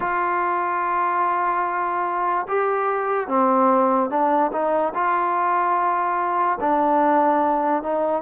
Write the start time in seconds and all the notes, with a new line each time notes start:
0.00 F4
2.47 G4
3.27 C4
4.09 D4
4.52 D#4
4.94 F4
6.60 D4
7.82 D#4